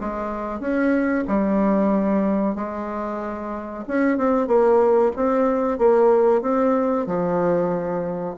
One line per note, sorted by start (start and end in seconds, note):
0.00 0.60 G#3
0.60 1.24 C#4
1.28 2.55 G3
2.55 3.84 G#3
3.87 4.18 C#4
4.18 4.47 C4
4.47 5.11 A#3
5.16 5.78 C4
5.78 6.42 A#3
6.42 7.06 C4
7.06 8.35 F3